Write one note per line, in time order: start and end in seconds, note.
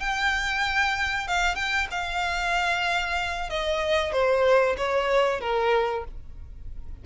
0.00 1.27 G5
1.27 1.55 F5
1.55 1.87 G5
1.91 3.50 F5
3.50 4.12 D#5
4.12 4.76 C5
4.77 5.41 C#5
5.41 6.04 A#4